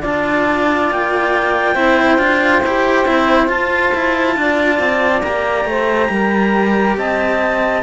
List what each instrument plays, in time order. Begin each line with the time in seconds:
0.00 cello D4 F4, saxophone D5, clarinet A5
0.91 cello A#3, clarinet G5
1.74 cello C4 E4, saxophone C5
2.18 cello D4 F4
2.62 cello E4 G4
3.05 cello C4 E4
3.47 cello F4, clarinet A5
3.94 cello E4
4.36 cello D4, saxophone D5
4.79 cello C4
5.22 cello A#3 G4, clarinet A#5
5.65 cello A3, saxophone C5
6.10 cello G3, saxophone A#4
6.97 cello C4, saxophone D#5, clarinet A5